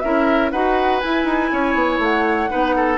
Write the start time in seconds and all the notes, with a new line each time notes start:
0.00 C#4 E4 A#4 E5
0.51 D#4 F#4 B4 F#5
1.00 E4 G#5
1.25 D#4
1.52 C#4 C#5
1.74 B3
1.98 A3 F#5
2.49 B3 D#4 B4
2.76 A4